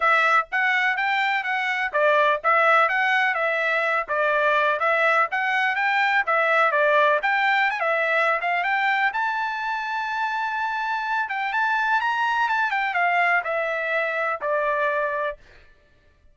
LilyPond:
\new Staff \with { instrumentName = "trumpet" } { \time 4/4 \tempo 4 = 125 e''4 fis''4 g''4 fis''4 | d''4 e''4 fis''4 e''4~ | e''8 d''4. e''4 fis''4 | g''4 e''4 d''4 g''4 |
gis''16 e''4~ e''16 f''8 g''4 a''4~ | a''2.~ a''8 g''8 | a''4 ais''4 a''8 g''8 f''4 | e''2 d''2 | }